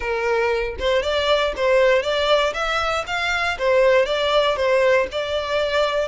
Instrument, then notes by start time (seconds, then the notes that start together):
violin
0.00 A#4
0.79 C5
1.02 D5
1.56 C5
2.02 D5
2.53 E5
3.06 F5
3.58 C5
4.05 D5
4.56 C5
5.11 D5